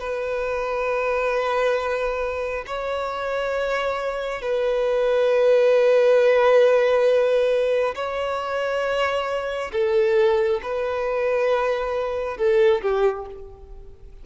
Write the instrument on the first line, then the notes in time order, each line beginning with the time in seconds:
violin
0.00 B4
2.67 C#5
4.42 B4
7.95 C#5
9.72 A4
10.63 B4
12.37 A4
12.82 G4